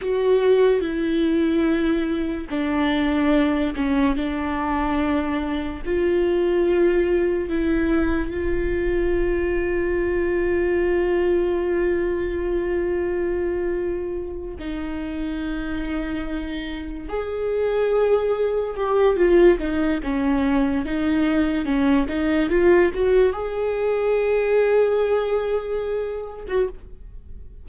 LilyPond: \new Staff \with { instrumentName = "viola" } { \time 4/4 \tempo 4 = 72 fis'4 e'2 d'4~ | d'8 cis'8 d'2 f'4~ | f'4 e'4 f'2~ | f'1~ |
f'4. dis'2~ dis'8~ | dis'8 gis'2 g'8 f'8 dis'8 | cis'4 dis'4 cis'8 dis'8 f'8 fis'8 | gis'2.~ gis'8. fis'16 | }